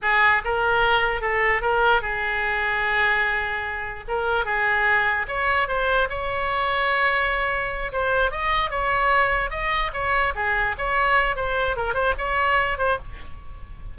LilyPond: \new Staff \with { instrumentName = "oboe" } { \time 4/4 \tempo 4 = 148 gis'4 ais'2 a'4 | ais'4 gis'2.~ | gis'2 ais'4 gis'4~ | gis'4 cis''4 c''4 cis''4~ |
cis''2.~ cis''8 c''8~ | c''8 dis''4 cis''2 dis''8~ | dis''8 cis''4 gis'4 cis''4. | c''4 ais'8 c''8 cis''4. c''8 | }